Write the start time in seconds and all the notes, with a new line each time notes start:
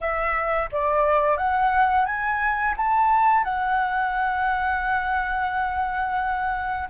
0.00 E5
0.72 D5
1.37 F#5
2.05 G#5
2.76 A5
3.44 F#5